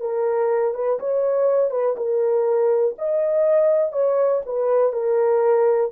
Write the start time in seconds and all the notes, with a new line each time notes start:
0.00 A#4
0.74 B4
0.99 C#5
1.71 B4
1.97 A#4
2.98 D#5
3.92 C#5
4.46 B4
4.93 A#4